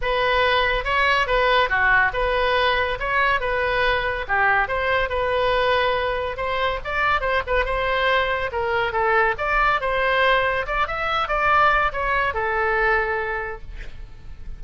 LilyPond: \new Staff \with { instrumentName = "oboe" } { \time 4/4 \tempo 4 = 141 b'2 cis''4 b'4 | fis'4 b'2 cis''4 | b'2 g'4 c''4 | b'2. c''4 |
d''4 c''8 b'8 c''2 | ais'4 a'4 d''4 c''4~ | c''4 d''8 e''4 d''4. | cis''4 a'2. | }